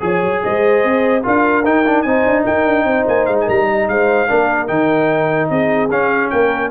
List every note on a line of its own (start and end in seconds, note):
0.00 0.22 F3
0.00 1.22 G#4
0.00 0.44 C#5
0.00 0.42 G#5
0.22 0.43 F#3
0.43 0.84 G#3
0.43 1.24 C5
0.43 1.24 D#5
0.84 1.24 C4
1.23 1.64 D4
1.23 1.64 F4
1.23 2.05 A#4
1.23 1.65 F5
1.64 2.05 D#4
1.64 1.85 D#4
1.64 2.02 G5
1.86 2.06 D4
2.02 2.25 C4
2.02 4.28 D#4
2.02 2.44 C5
2.02 2.42 G#5
2.26 2.46 D4
2.44 2.65 D#4
2.44 2.85 A#4
2.44 3.07 G5
2.65 2.84 D4
2.84 3.04 C4
2.84 3.45 C5
3.07 3.27 A#3
3.07 3.26 G#5
3.26 3.48 G#3
3.26 3.36 F5
3.41 3.65 A#4
3.41 3.49 G#5
3.48 3.88 G3
3.48 3.88 A#5
3.70 3.90 D#5
3.88 4.29 G#3
3.88 4.29 C5
3.88 4.68 F5
4.28 4.69 A#3
4.28 4.67 D4
4.28 5.50 A#4
4.67 5.50 D#3
4.67 5.89 D#4
4.67 5.49 G5
5.50 5.90 C4
5.50 6.32 G#4
5.50 5.90 D#5
5.90 6.30 C#4
5.90 6.71 C#4
5.90 6.30 F5
6.30 6.71 A#3
6.30 6.71 A#4
6.30 6.71 G5